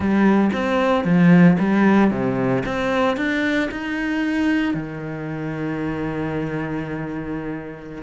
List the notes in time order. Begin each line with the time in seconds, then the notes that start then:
0.00 G3
0.52 C4
1.04 F3
1.58 G3
2.10 C3
2.65 C4
3.16 D4
3.71 D#4
4.73 D#3